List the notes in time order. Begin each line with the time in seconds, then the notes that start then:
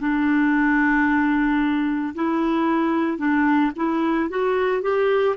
0.00 D4
2.15 E4
3.19 D4
3.76 E4
4.30 F#4
4.83 G4